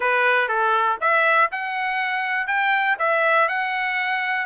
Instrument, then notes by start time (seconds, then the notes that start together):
trumpet
0.00 B4
0.48 A4
1.00 E5
1.51 F#5
2.47 G5
2.99 E5
3.48 F#5